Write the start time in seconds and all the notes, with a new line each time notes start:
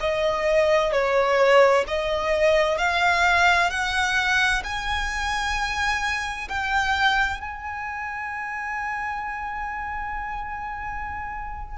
0.00 D#5
0.92 C#5
1.87 D#5
2.78 F5
3.70 F#5
4.64 G#5
6.49 G5
7.41 G#5